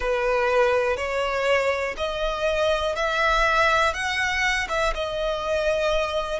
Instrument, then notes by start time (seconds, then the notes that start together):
violin
0.00 B4
0.97 C#5
1.97 D#5
2.95 E5
3.93 F#5
4.69 E5
4.94 D#5